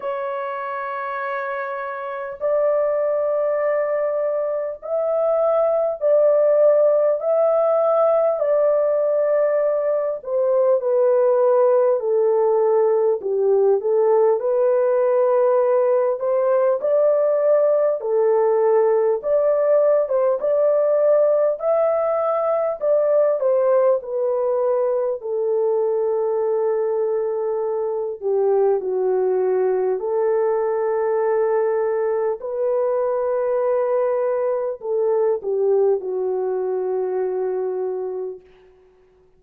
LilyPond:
\new Staff \with { instrumentName = "horn" } { \time 4/4 \tempo 4 = 50 cis''2 d''2 | e''4 d''4 e''4 d''4~ | d''8 c''8 b'4 a'4 g'8 a'8 | b'4. c''8 d''4 a'4 |
d''8. c''16 d''4 e''4 d''8 c''8 | b'4 a'2~ a'8 g'8 | fis'4 a'2 b'4~ | b'4 a'8 g'8 fis'2 | }